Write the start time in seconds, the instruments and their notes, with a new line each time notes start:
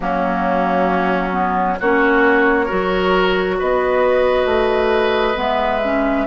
0.00 bassoon F#3, clarinet A#3, oboe C#4, flute F#4
1.31 clarinet B3
1.79 bassoon A#3, clarinet C#4, oboe F#4, flute C#5
2.65 bassoon F#3, clarinet F#4, oboe A#4
3.58 bassoon B3, oboe B4, flute D#5
4.45 bassoon A3
5.35 bassoon G#3, clarinet B3, flute E5
5.84 clarinet C#4